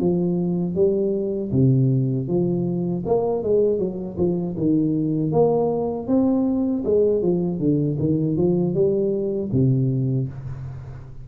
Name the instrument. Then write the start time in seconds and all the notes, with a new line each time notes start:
tuba
0.00 F3
0.75 G3
1.52 C3
2.28 F3
3.06 A#3
3.43 G#3
3.79 F#3
4.18 F3
4.57 D#3
5.32 A#3
6.08 C4
6.84 G#3
7.22 F3
7.59 D3
7.99 D#3
8.37 F3
8.74 G3
9.52 C3